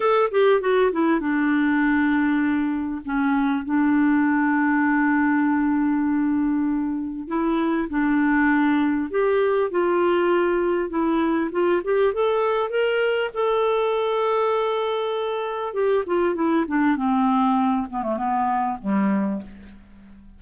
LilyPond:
\new Staff \with { instrumentName = "clarinet" } { \time 4/4 \tempo 4 = 99 a'8 g'8 fis'8 e'8 d'2~ | d'4 cis'4 d'2~ | d'1 | e'4 d'2 g'4 |
f'2 e'4 f'8 g'8 | a'4 ais'4 a'2~ | a'2 g'8 f'8 e'8 d'8 | c'4. b16 a16 b4 g4 | }